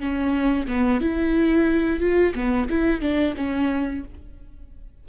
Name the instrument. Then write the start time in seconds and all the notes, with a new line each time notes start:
viola
0.00 C#4
0.67 B3
1.01 E4
2.00 F4
2.35 B3
2.70 E4
3.01 D4
3.37 C#4